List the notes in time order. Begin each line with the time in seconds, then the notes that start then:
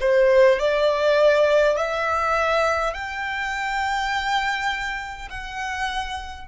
0.00 C5
0.59 D5
1.76 E5
2.94 G5
5.29 F#5